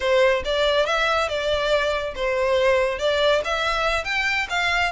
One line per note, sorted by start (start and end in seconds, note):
0.00 0.43 C5
0.45 0.86 D5
0.86 1.28 E5
1.28 2.14 D5
2.15 2.98 C5
2.98 3.41 D5
3.44 4.04 E5
4.04 4.47 G5
4.49 4.92 F5